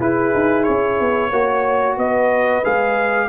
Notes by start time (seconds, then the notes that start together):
0.00 E4 G#4 B4
0.35 D#4
0.64 C#4 C#5
1.00 B3
1.30 A#3 F#4 C#5
1.97 B3 B4 D#5
2.64 G#3 G#4 F5